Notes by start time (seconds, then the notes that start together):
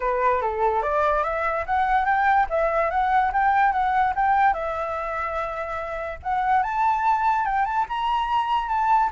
0.00 B4
0.41 A4
0.82 D5
1.23 E5
1.66 F#5
2.05 G5
2.49 E5
2.90 F#5
3.32 G5
3.72 F#5
4.15 G5
4.53 E5
6.23 F#5
6.62 A5
7.45 G5
7.65 A5
7.88 A#5
8.68 A5